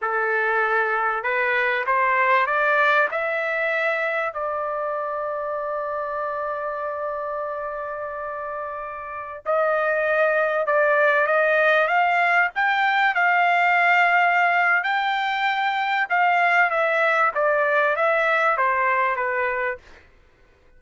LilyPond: \new Staff \with { instrumentName = "trumpet" } { \time 4/4 \tempo 4 = 97 a'2 b'4 c''4 | d''4 e''2 d''4~ | d''1~ | d''2.~ d''16 dis''8.~ |
dis''4~ dis''16 d''4 dis''4 f''8.~ | f''16 g''4 f''2~ f''8. | g''2 f''4 e''4 | d''4 e''4 c''4 b'4 | }